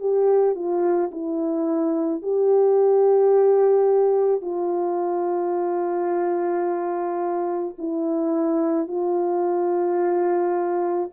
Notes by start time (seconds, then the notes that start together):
0.00 G4
0.55 F4
1.12 E4
2.22 G4
4.41 F4
7.78 E4
8.88 F4